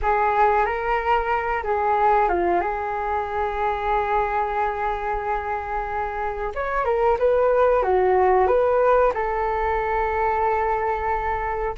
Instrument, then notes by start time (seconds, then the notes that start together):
flute
0.02 G#4
0.65 A#4
1.63 G#4
2.28 F4
2.61 G#4
6.54 C#5
6.84 A#4
7.18 B4
7.83 F#4
8.47 B4
9.14 A4